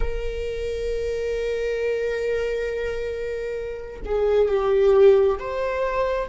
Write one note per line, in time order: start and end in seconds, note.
0.00 4.01 A#4
4.05 4.48 G#4
4.48 5.38 G4
5.38 6.28 C5